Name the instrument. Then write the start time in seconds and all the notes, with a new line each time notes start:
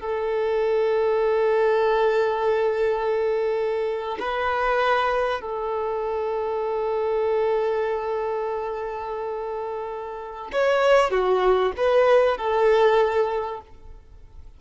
violin
0.00 A4
4.19 B4
5.41 A4
10.52 C#5
11.10 F#4
11.77 B4
12.37 A4